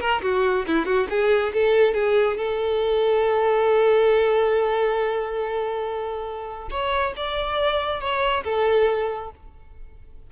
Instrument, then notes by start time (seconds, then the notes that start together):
violin
0.00 A#4
0.22 F#4
0.67 E4
0.86 F#4
1.10 G#4
1.54 A4
1.94 G#4
2.37 A4
6.70 C#5
7.17 D5
8.00 C#5
8.44 A4